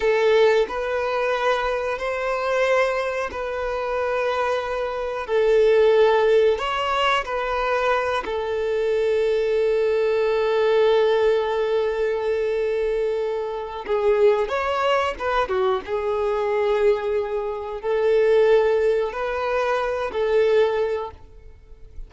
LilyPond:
\new Staff \with { instrumentName = "violin" } { \time 4/4 \tempo 4 = 91 a'4 b'2 c''4~ | c''4 b'2. | a'2 cis''4 b'4~ | b'8 a'2.~ a'8~ |
a'1~ | a'4 gis'4 cis''4 b'8 fis'8 | gis'2. a'4~ | a'4 b'4. a'4. | }